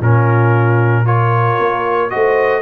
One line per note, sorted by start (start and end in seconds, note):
0.00 1.58 A#2
0.00 1.06 C#4
0.00 1.05 F4
0.00 1.07 A#4
1.06 2.10 F4
1.06 2.11 A#4
1.06 2.11 C#5
1.60 2.12 A#3
2.10 2.62 A3
2.10 2.62 F#4
2.10 2.62 C5
2.10 2.62 D#5